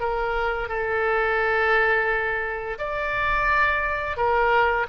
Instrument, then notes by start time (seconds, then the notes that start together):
oboe
0.00 A#4
0.68 A4
2.78 D5
4.16 A#4